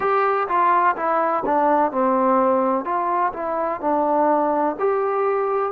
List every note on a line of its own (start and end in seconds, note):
0.00 0.47 G4
0.48 0.95 F4
0.96 1.43 E4
1.45 1.91 D4
1.91 2.84 C4
2.84 3.32 F4
3.33 3.81 E4
3.81 4.76 D4
4.79 5.72 G4